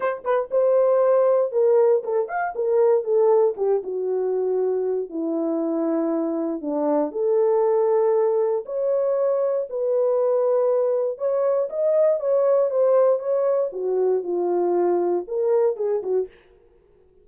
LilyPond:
\new Staff \with { instrumentName = "horn" } { \time 4/4 \tempo 4 = 118 c''8 b'8 c''2 ais'4 | a'8 f''8 ais'4 a'4 g'8 fis'8~ | fis'2 e'2~ | e'4 d'4 a'2~ |
a'4 cis''2 b'4~ | b'2 cis''4 dis''4 | cis''4 c''4 cis''4 fis'4 | f'2 ais'4 gis'8 fis'8 | }